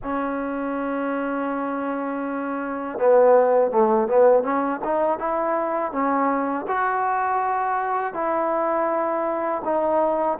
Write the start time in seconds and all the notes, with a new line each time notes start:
0.03 C#4
2.98 B3
3.71 A3
4.08 B3
4.43 C#4
4.84 D#4
5.19 E4
5.92 C#4
6.67 F#4
8.13 E4
9.64 D#4